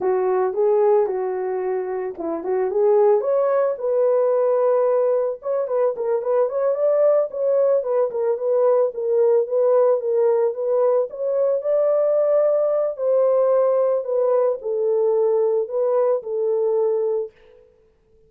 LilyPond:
\new Staff \with { instrumentName = "horn" } { \time 4/4 \tempo 4 = 111 fis'4 gis'4 fis'2 | e'8 fis'8 gis'4 cis''4 b'4~ | b'2 cis''8 b'8 ais'8 b'8 | cis''8 d''4 cis''4 b'8 ais'8 b'8~ |
b'8 ais'4 b'4 ais'4 b'8~ | b'8 cis''4 d''2~ d''8 | c''2 b'4 a'4~ | a'4 b'4 a'2 | }